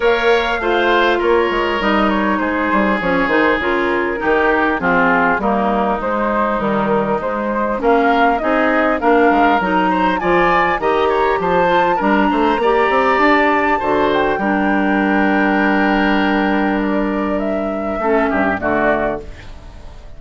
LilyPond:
<<
  \new Staff \with { instrumentName = "flute" } { \time 4/4 \tempo 4 = 100 f''2 cis''4 dis''8 cis''8 | c''4 cis''8 c''8 ais'2 | gis'4 ais'4 c''4 ais'4 | c''4 f''4 dis''4 f''4 |
ais''4 gis''4 ais''4 a''4 | ais''2 a''4. g''8~ | g''1 | d''4 e''2 d''4 | }
  \new Staff \with { instrumentName = "oboe" } { \time 4/4 cis''4 c''4 ais'2 | gis'2. g'4 | f'4 dis'2.~ | dis'4 ais'4 gis'4 ais'4~ |
ais'8 c''8 d''4 dis''8 cis''8 c''4 | ais'8 c''8 d''2 c''4 | ais'1~ | ais'2 a'8 g'8 fis'4 | }
  \new Staff \with { instrumentName = "clarinet" } { \time 4/4 ais'4 f'2 dis'4~ | dis'4 cis'8 dis'8 f'4 dis'4 | c'4 ais4 gis4 dis4 | gis4 cis'4 dis'4 d'4 |
dis'4 f'4 g'4. f'8 | d'4 g'2 fis'4 | d'1~ | d'2 cis'4 a4 | }
  \new Staff \with { instrumentName = "bassoon" } { \time 4/4 ais4 a4 ais8 gis8 g4 | gis8 g8 f8 dis8 cis4 dis4 | f4 g4 gis4 g4 | gis4 ais4 c'4 ais8 gis8 |
fis4 f4 dis4 f4 | g8 a8 ais8 c'8 d'4 d4 | g1~ | g2 a8 g,8 d4 | }
>>